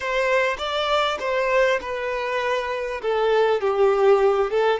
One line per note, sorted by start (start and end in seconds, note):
0.00 0.56 C5
0.58 1.18 D5
1.19 1.79 C5
1.81 3.01 B4
3.02 3.60 A4
3.60 4.50 G4
4.50 4.79 A4